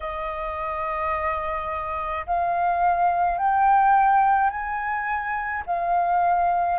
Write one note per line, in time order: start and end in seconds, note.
0.00 2.26 D#5
2.26 3.38 F5
3.38 4.50 G5
4.50 5.63 G#5
5.66 6.79 F5